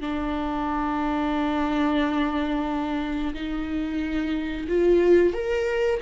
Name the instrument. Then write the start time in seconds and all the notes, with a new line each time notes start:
viola
0.00 D4
3.34 D#4
4.68 F4
5.33 A#4